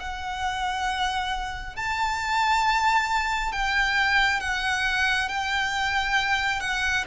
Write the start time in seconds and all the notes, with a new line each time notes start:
0.00 F#5
1.76 A5
3.53 G5
4.40 F#5
5.29 G5
6.61 F#5